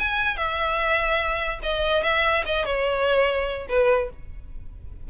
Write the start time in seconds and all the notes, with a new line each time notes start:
0.00 G#5
0.37 E5
1.63 D#5
2.04 E5
2.46 D#5
2.66 C#5
3.69 B4